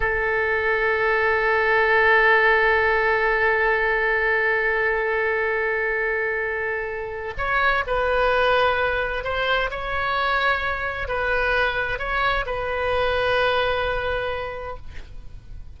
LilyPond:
\new Staff \with { instrumentName = "oboe" } { \time 4/4 \tempo 4 = 130 a'1~ | a'1~ | a'1~ | a'1 |
cis''4 b'2. | c''4 cis''2. | b'2 cis''4 b'4~ | b'1 | }